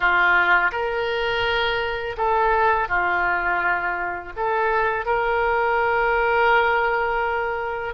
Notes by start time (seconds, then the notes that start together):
0.00 F4
0.71 A#4
2.17 A4
2.88 F4
4.36 A4
5.05 A#4